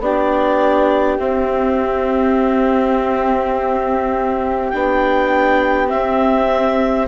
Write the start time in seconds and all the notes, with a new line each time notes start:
0.00 B3 D4 G4 D5
1.18 C4 E5
4.70 B3 D4 G5
5.87 C4 E5